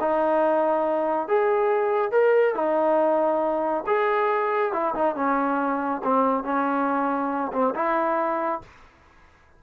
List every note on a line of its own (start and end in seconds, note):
0.00 1.28 D#4
1.28 2.12 G#4
2.12 2.54 A#4
2.54 3.84 D#4
3.86 4.73 G#4
4.73 4.94 E4
4.95 5.15 D#4
5.15 6.02 C#4
6.04 6.44 C4
6.44 7.51 C#4
7.52 7.74 C4
7.75 8.61 E4